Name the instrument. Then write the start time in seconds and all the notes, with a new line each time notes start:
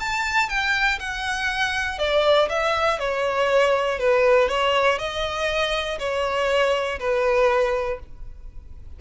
violin
0.00 A5
0.49 G5
1.00 F#5
1.99 D5
2.49 E5
2.99 C#5
3.99 B4
4.49 C#5
4.99 D#5
5.99 C#5
7.00 B4